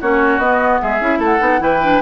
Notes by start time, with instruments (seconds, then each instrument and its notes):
0.00 bassoon A#3, clarinet C#4, oboe F#4, flute C#5
0.37 bassoon B3, clarinet B3, flute D#5
0.81 bassoon G#3, oboe G#4, flute E5
1.00 bassoon C#4, clarinet E4
1.18 bassoon A3, oboe A4
1.24 flute F#5
1.39 bassoon B3, clarinet D#4
1.59 bassoon E3, clarinet E4, oboe B4, flute G5
1.82 clarinet D4